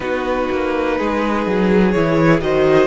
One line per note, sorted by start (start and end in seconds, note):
0.00 0.48 B3
0.00 1.91 D#4
0.00 0.98 F#4
0.00 1.91 B4
0.51 1.00 A#3
0.98 1.46 G#3
0.98 2.43 G#4
1.46 1.94 F#3
1.91 2.41 E3
1.91 2.41 E4
1.91 2.40 C#5
2.41 2.87 D#3
2.41 2.87 F#4
2.41 2.87 C5
2.41 2.87 D#5